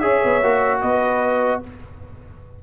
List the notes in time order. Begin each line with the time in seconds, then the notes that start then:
0.00 C#4 G#4 C#5 E5
0.25 B3
0.43 A#3 F#4
0.82 B3 B4 D#5